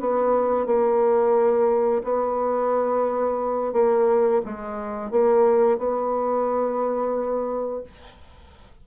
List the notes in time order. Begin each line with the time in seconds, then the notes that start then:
0.00 B3
0.66 A#3
2.04 B3
3.73 A#3
4.45 G#3
5.11 A#3
5.78 B3